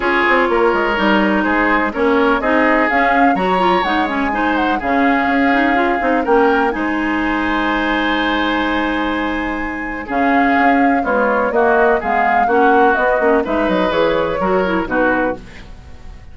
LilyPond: <<
  \new Staff \with { instrumentName = "flute" } { \time 4/4 \tempo 4 = 125 cis''2. c''4 | cis''4 dis''4 f''4 ais''4 | fis''8 gis''4 fis''8 f''2~ | f''4 g''4 gis''2~ |
gis''1~ | gis''4 f''2 cis''4 | dis''4 f''4 fis''4 dis''4 | e''8 dis''8 cis''2 b'4 | }
  \new Staff \with { instrumentName = "oboe" } { \time 4/4 gis'4 ais'2 gis'4 | ais'4 gis'2 cis''4~ | cis''4 c''4 gis'2~ | gis'4 ais'4 c''2~ |
c''1~ | c''4 gis'2 f'4 | fis'4 gis'4 fis'2 | b'2 ais'4 fis'4 | }
  \new Staff \with { instrumentName = "clarinet" } { \time 4/4 f'2 dis'2 | cis'4 dis'4 cis'4 fis'8 f'8 | dis'8 cis'8 dis'4 cis'4. dis'8 | f'8 dis'8 cis'4 dis'2~ |
dis'1~ | dis'4 cis'2 gis4 | ais4 b4 cis'4 b8 cis'8 | dis'4 gis'4 fis'8 e'8 dis'4 | }
  \new Staff \with { instrumentName = "bassoon" } { \time 4/4 cis'8 c'8 ais8 gis8 g4 gis4 | ais4 c'4 cis'4 fis4 | gis2 cis4 cis'4~ | cis'8 c'8 ais4 gis2~ |
gis1~ | gis4 cis4 cis'4 b4 | ais4 gis4 ais4 b8 ais8 | gis8 fis8 e4 fis4 b,4 | }
>>